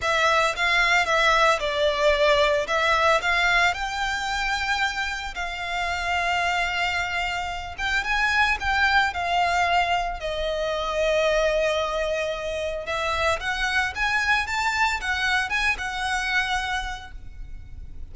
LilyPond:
\new Staff \with { instrumentName = "violin" } { \time 4/4 \tempo 4 = 112 e''4 f''4 e''4 d''4~ | d''4 e''4 f''4 g''4~ | g''2 f''2~ | f''2~ f''8 g''8 gis''4 |
g''4 f''2 dis''4~ | dis''1 | e''4 fis''4 gis''4 a''4 | fis''4 gis''8 fis''2~ fis''8 | }